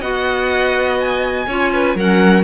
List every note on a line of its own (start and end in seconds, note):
0.00 1.46 B3
0.00 1.46 F#4
0.00 1.45 D#5
0.00 0.98 F#5
1.00 1.96 G#5
1.47 1.95 C#4
1.47 1.97 F4
1.47 1.72 C#5
1.72 1.96 B4
1.95 2.43 F#3
1.95 2.43 C#4
1.95 2.43 A#4
1.95 2.43 F#5